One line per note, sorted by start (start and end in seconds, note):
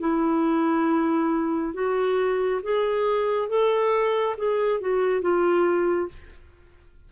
0.00 1.74 E4
1.74 2.60 F#4
2.62 3.49 G#4
3.49 4.36 A4
4.37 4.80 G#4
4.80 5.21 F#4
5.21 6.08 F4